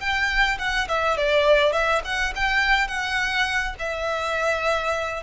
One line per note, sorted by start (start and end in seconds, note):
0.00 0.58 G5
0.59 0.88 F#5
0.89 1.17 E5
1.17 1.73 D5
1.73 2.02 E5
2.05 2.34 F#5
2.36 2.88 G5
2.88 3.75 F#5
3.79 5.23 E5